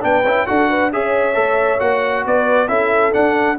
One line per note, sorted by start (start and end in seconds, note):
0.00 0.24 B3
0.00 0.22 D4
0.00 0.46 B4
0.00 0.46 G5
0.24 0.46 C#4
0.24 0.46 E4
0.46 0.94 D4
0.46 0.91 F#4
0.46 0.69 A4
0.46 0.91 F#5
0.69 0.91 B4
0.92 1.36 C#4
0.92 1.34 G#4
0.92 2.26 C#5
0.92 1.80 E5
1.34 1.80 A3
1.34 1.78 A4
1.79 2.25 A#3
1.79 2.67 F#4
1.79 2.24 F#5
2.26 2.68 B3
2.26 2.68 B4
2.26 2.67 D5
2.67 3.12 C#4
2.67 3.12 E4
2.67 3.57 A4
2.67 3.12 E5
3.12 3.56 D4
3.12 3.59 D4
3.12 3.58 F#5